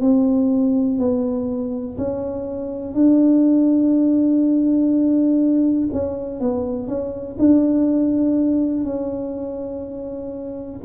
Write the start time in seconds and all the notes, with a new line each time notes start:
0.00 C4
0.99 B3
1.97 C#4
2.94 D4
5.92 C#4
6.40 B3
6.87 C#4
7.39 D4
8.84 C#4